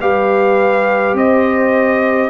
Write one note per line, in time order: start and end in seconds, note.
0.00 1.13 G3
0.00 2.30 G4
0.00 1.17 B4
0.00 1.16 F5
1.13 2.29 C4
1.13 2.30 C5
1.13 2.30 D#5